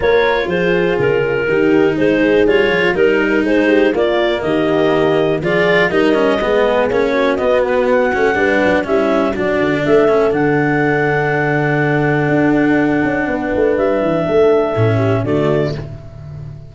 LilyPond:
<<
  \new Staff \with { instrumentName = "clarinet" } { \time 4/4 \tempo 4 = 122 cis''4 c''4 ais'2 | c''4 cis''4 ais'4 c''4 | d''4 dis''2 d''4 | dis''2 cis''4 dis''8 b'8 |
fis''2 e''4 d''4 | e''4 fis''2.~ | fis''1 | e''2. d''4 | }
  \new Staff \with { instrumentName = "horn" } { \time 4/4 ais'4 gis'2 g'4 | gis'2 ais'4 gis'8 g'8 | f'4 g'2 gis'4 | ais'4 gis'4. fis'4.~ |
fis'4 b'4 e'4 fis'4 | a'1~ | a'2. b'4~ | b'4 a'4. g'8 fis'4 | }
  \new Staff \with { instrumentName = "cello" } { \time 4/4 f'2. dis'4~ | dis'4 f'4 dis'2 | ais2. f'4 | dis'8 cis'8 b4 cis'4 b4~ |
b8 cis'8 d'4 cis'4 d'4~ | d'8 cis'8 d'2.~ | d'1~ | d'2 cis'4 a4 | }
  \new Staff \with { instrumentName = "tuba" } { \time 4/4 ais4 f4 cis4 dis4 | gis4 g8 f8 g4 gis4 | ais4 dis2 f4 | g4 gis4 ais4 b4~ |
b8 a8 g8 fis8 g4 fis8 d8 | a4 d2.~ | d4 d'4. cis'8 b8 a8 | g8 e8 a4 a,4 d4 | }
>>